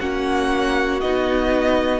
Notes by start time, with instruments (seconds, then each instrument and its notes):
0.00 cello A#3, viola C#4, violin F#4 F#5
1.01 cello B3, viola D#4, violin D#5